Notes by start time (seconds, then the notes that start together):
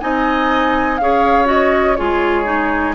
0.00 C4 D#4 D#5 G#5
0.98 C#4 G#4 C#5 F5
1.45 F#4 D#5
1.95 G#3 F4 G#4 C#5
2.45 D#4